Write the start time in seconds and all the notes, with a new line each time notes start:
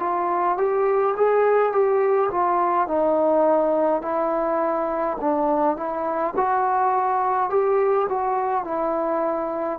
0.00 F4
0.58 G4
1.17 G#4
1.73 G4
2.31 F4
2.88 D#4
4.02 E4
5.21 D4
5.77 E4
6.37 F#4
7.50 G4
8.09 F#4
8.65 E4